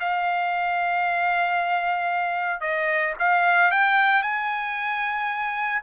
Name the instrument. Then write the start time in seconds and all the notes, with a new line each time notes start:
trumpet
0.00 F5
2.61 D#5
3.19 F5
3.71 G5
4.22 G#5